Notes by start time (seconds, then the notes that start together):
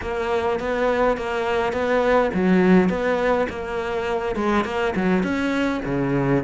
0.01 A#3
0.59 B3
1.17 A#3
1.72 B3
2.34 F#3
2.89 B3
3.49 A#3
4.35 G#3
4.64 A#3
4.95 F#3
5.23 C#4
5.85 C#3